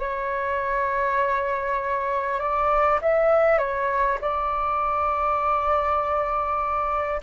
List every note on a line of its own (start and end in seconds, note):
0.00 2.40 C#5
2.40 3.00 D5
3.02 3.58 E5
3.58 4.18 C#5
4.22 7.22 D5